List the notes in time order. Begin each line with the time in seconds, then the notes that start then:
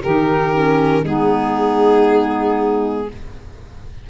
0.00 D#3 D#4 G4 A#4
0.53 C#4
1.03 G#3 B3 D#4 G#4